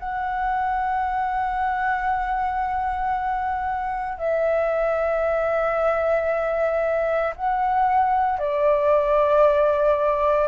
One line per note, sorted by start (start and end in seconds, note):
0.00 4.19 F#5
4.19 7.34 E5
7.36 8.39 F#5
8.39 10.48 D5